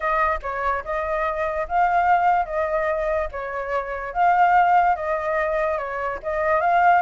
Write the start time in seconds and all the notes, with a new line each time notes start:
0.00 D#5
0.42 C#5
0.84 D#5
1.67 F5
2.45 D#5
3.31 C#5
4.13 F5
4.95 D#5
5.77 C#5
6.22 D#5
6.60 F5